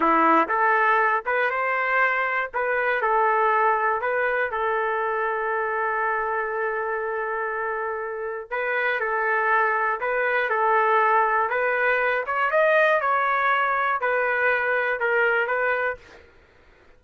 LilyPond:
\new Staff \with { instrumentName = "trumpet" } { \time 4/4 \tempo 4 = 120 e'4 a'4. b'8 c''4~ | c''4 b'4 a'2 | b'4 a'2.~ | a'1~ |
a'4 b'4 a'2 | b'4 a'2 b'4~ | b'8 cis''8 dis''4 cis''2 | b'2 ais'4 b'4 | }